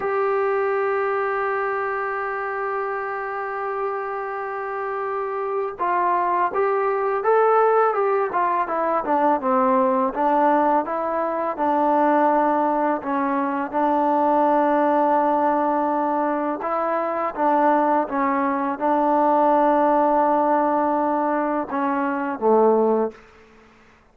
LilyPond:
\new Staff \with { instrumentName = "trombone" } { \time 4/4 \tempo 4 = 83 g'1~ | g'1 | f'4 g'4 a'4 g'8 f'8 | e'8 d'8 c'4 d'4 e'4 |
d'2 cis'4 d'4~ | d'2. e'4 | d'4 cis'4 d'2~ | d'2 cis'4 a4 | }